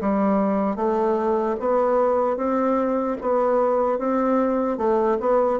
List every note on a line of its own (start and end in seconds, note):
0.00 0.76 G3
0.76 1.56 A3
1.60 2.36 B3
2.36 3.16 C4
3.21 3.98 B3
3.98 4.77 C4
4.77 5.17 A3
5.20 5.60 B3